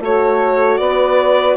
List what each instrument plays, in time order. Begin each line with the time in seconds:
0.00 bassoon A3, horn F#4, saxophone A4, violin C#5
0.78 bassoon B3, saxophone B4, violin D5